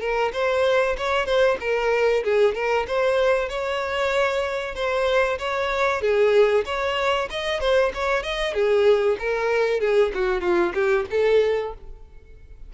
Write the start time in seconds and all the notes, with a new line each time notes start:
0.00 A#4
0.33 C5
0.97 C#5
1.25 C5
1.60 A#4
2.24 G#4
2.54 A#4
2.87 C5
3.49 C#5
4.75 C5
5.38 C#5
6.01 G#4
6.65 C#5
7.30 D#5
7.60 C5
7.94 C#5
8.23 D#5
8.53 G#4
9.19 A#4
9.80 G#4
10.14 F#4
10.41 F4
10.74 G4
11.10 A4